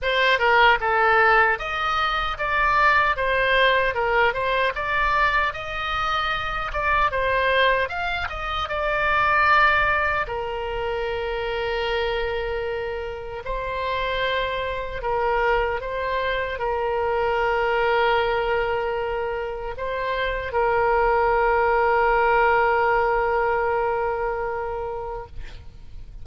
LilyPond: \new Staff \with { instrumentName = "oboe" } { \time 4/4 \tempo 4 = 76 c''8 ais'8 a'4 dis''4 d''4 | c''4 ais'8 c''8 d''4 dis''4~ | dis''8 d''8 c''4 f''8 dis''8 d''4~ | d''4 ais'2.~ |
ais'4 c''2 ais'4 | c''4 ais'2.~ | ais'4 c''4 ais'2~ | ais'1 | }